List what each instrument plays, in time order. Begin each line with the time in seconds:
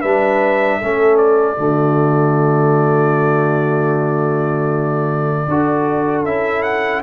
0.00 tuba G3, trombone D4, horn B4, trumpet E5
0.78 tuba A3, trombone C#4, horn A4
1.18 trumpet D5
1.58 tuba D3, trombone A3, horn F#4
5.49 tuba D4, trombone F#4, horn A4
6.25 tuba C#4, trombone E4, trumpet E5
6.63 trumpet F#5